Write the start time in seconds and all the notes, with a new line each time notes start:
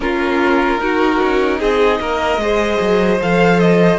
0.00 A#3 C#4 F4 A#4
0.77 D#4 F#4
1.23 C#4
1.58 C4 G#4 D#5
1.99 A#3 A#4
2.37 G#3 G#4 C5
2.80 F#3
3.21 F3 A4 F5
3.59 D#5